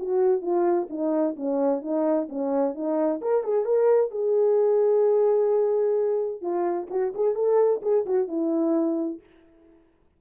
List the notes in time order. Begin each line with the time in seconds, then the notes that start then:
0.00 F#4
0.42 F4
0.90 D#4
1.37 C#4
1.82 D#4
2.29 C#4
2.75 D#4
3.22 A#4
3.44 G#4
3.65 A#4
4.12 G#4
6.42 F4
6.91 F#4
7.15 G#4
7.35 A4
7.83 G#4
8.06 F#4
8.28 E4